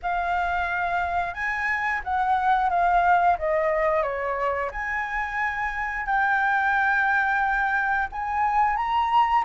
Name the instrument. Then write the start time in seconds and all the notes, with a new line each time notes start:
flute
0.02 F5
1.34 G#5
2.04 F#5
2.69 F5
3.38 D#5
4.03 C#5
4.71 G#5
6.06 G5
8.11 G#5
8.76 A#5